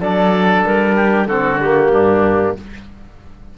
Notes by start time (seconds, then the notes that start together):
0.00 F#3 D4 A4 D5
0.65 G3 A#4
0.96 G4
1.26 D3 C4 F#4 A4
1.60 A#3 G4
1.92 G2 D4